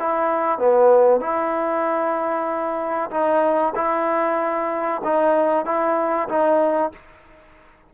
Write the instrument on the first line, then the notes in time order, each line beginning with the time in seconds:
trombone
0.00 E4
0.59 B3
1.21 E4
3.11 D#4
3.76 E4
5.04 D#4
5.66 E4
6.29 D#4